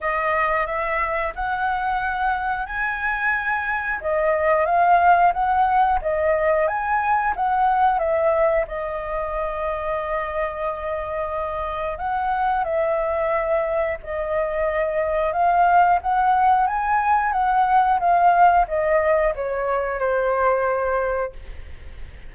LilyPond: \new Staff \with { instrumentName = "flute" } { \time 4/4 \tempo 4 = 90 dis''4 e''4 fis''2 | gis''2 dis''4 f''4 | fis''4 dis''4 gis''4 fis''4 | e''4 dis''2.~ |
dis''2 fis''4 e''4~ | e''4 dis''2 f''4 | fis''4 gis''4 fis''4 f''4 | dis''4 cis''4 c''2 | }